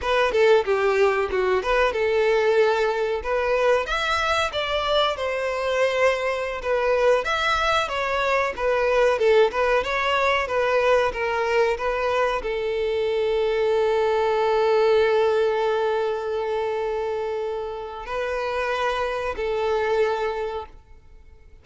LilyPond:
\new Staff \with { instrumentName = "violin" } { \time 4/4 \tempo 4 = 93 b'8 a'8 g'4 fis'8 b'8 a'4~ | a'4 b'4 e''4 d''4 | c''2~ c''16 b'4 e''8.~ | e''16 cis''4 b'4 a'8 b'8 cis''8.~ |
cis''16 b'4 ais'4 b'4 a'8.~ | a'1~ | a'1 | b'2 a'2 | }